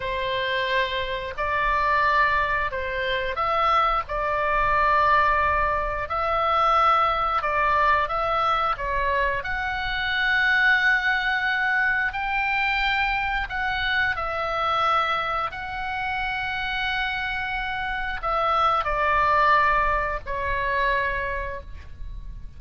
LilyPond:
\new Staff \with { instrumentName = "oboe" } { \time 4/4 \tempo 4 = 89 c''2 d''2 | c''4 e''4 d''2~ | d''4 e''2 d''4 | e''4 cis''4 fis''2~ |
fis''2 g''2 | fis''4 e''2 fis''4~ | fis''2. e''4 | d''2 cis''2 | }